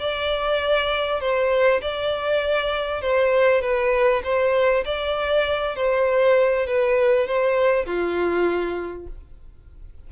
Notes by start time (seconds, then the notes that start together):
0.00 D5
1.21 C5
1.82 D5
3.02 C5
3.62 B4
4.24 C5
4.85 D5
5.76 C5
6.67 B4
7.27 C5
7.86 F4